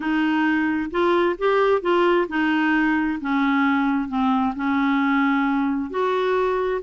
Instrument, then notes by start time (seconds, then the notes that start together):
clarinet
0.00 D#4
0.90 F4
1.38 G4
1.81 F4
2.28 D#4
3.20 C#4
4.08 C4
4.55 C#4
5.90 F#4